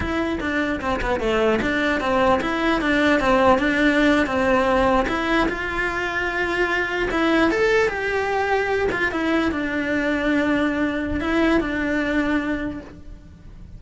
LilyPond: \new Staff \with { instrumentName = "cello" } { \time 4/4 \tempo 4 = 150 e'4 d'4 c'8 b8 a4 | d'4 c'4 e'4 d'4 | c'4 d'4.~ d'16 c'4~ c'16~ | c'8. e'4 f'2~ f'16~ |
f'4.~ f'16 e'4 a'4 g'16~ | g'2~ g'16 f'8 e'4 d'16~ | d'1 | e'4 d'2. | }